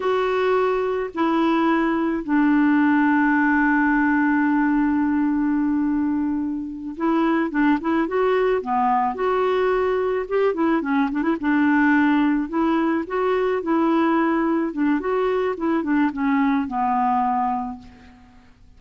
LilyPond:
\new Staff \with { instrumentName = "clarinet" } { \time 4/4 \tempo 4 = 108 fis'2 e'2 | d'1~ | d'1~ | d'8 e'4 d'8 e'8 fis'4 b8~ |
b8 fis'2 g'8 e'8 cis'8 | d'16 e'16 d'2 e'4 fis'8~ | fis'8 e'2 d'8 fis'4 | e'8 d'8 cis'4 b2 | }